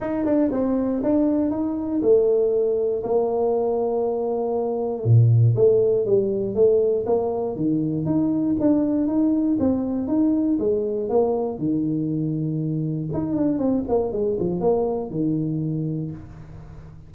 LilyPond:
\new Staff \with { instrumentName = "tuba" } { \time 4/4 \tempo 4 = 119 dis'8 d'8 c'4 d'4 dis'4 | a2 ais2~ | ais2 ais,4 a4 | g4 a4 ais4 dis4 |
dis'4 d'4 dis'4 c'4 | dis'4 gis4 ais4 dis4~ | dis2 dis'8 d'8 c'8 ais8 | gis8 f8 ais4 dis2 | }